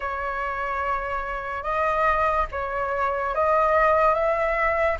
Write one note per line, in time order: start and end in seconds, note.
0.00 1.62 C#5
1.62 2.46 D#5
2.51 3.34 C#5
3.34 4.14 D#5
4.14 4.97 E5